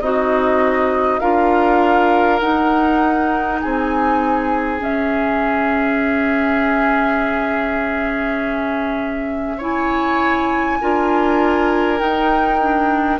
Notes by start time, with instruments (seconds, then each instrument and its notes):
0.00 bassoon C4, oboe D#4, clarinet F#4, flute D#5
1.19 bassoon D4, clarinet F4, oboe A#4, flute F5
2.40 clarinet D#4, bassoon D#4, flute F#5
3.61 bassoon C4, oboe G#4, flute G#5
4.79 clarinet C#4, bassoon C#4, flute E5
9.57 clarinet E4, oboe C#5, flute G#5
10.81 bassoon D4, clarinet F4, oboe A#4
11.99 clarinet D#4, bassoon D#4, flute G5
12.60 clarinet D4